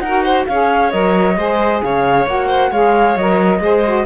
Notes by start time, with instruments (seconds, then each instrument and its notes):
0.00 cello D#4, violin A#4, flute F#5
0.06 saxophone F#4
0.24 violin C5
0.47 cello C#4, saxophone G#4, violin C#5, flute F5
0.91 cello F#3, saxophone A#4, flute D#5
1.37 cello G#3, saxophone G#4, violin C5
1.83 cello C#3, violin C#5, flute F5
2.27 cello A#3, saxophone F#4, flute F#5
2.48 violin C5
2.71 cello G#3, saxophone G#4, violin C#5, flute F5
3.17 cello F#3, saxophone A#4, flute D#5
3.60 cello G#3, saxophone G#4, violin C5
3.86 saxophone F#4